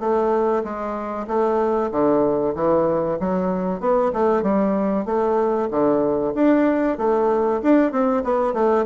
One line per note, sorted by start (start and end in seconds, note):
0.00 0.63 A3
0.64 1.27 G#3
1.28 1.91 A3
1.91 2.55 D3
2.55 3.18 E3
3.20 3.80 F#3
3.80 4.12 B3
4.13 4.43 A3
4.43 5.06 G3
5.06 5.69 A3
5.71 6.34 D3
6.35 6.98 D4
6.98 7.61 A3
7.63 7.92 D4
7.92 8.23 C4
8.24 8.54 B3
8.54 8.85 A3